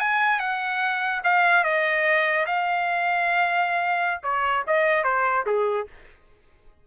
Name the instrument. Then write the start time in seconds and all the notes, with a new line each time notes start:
trumpet
0.00 G#5
0.39 F#5
1.24 F5
1.64 D#5
2.46 F5
4.23 C#5
4.67 D#5
5.04 C5
5.46 G#4